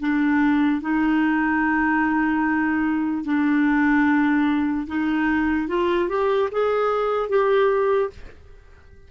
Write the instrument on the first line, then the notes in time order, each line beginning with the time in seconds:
clarinet
0.00 D4
0.81 D#4
3.24 D4
4.87 D#4
5.68 F4
6.08 G4
6.51 G#4
7.29 G4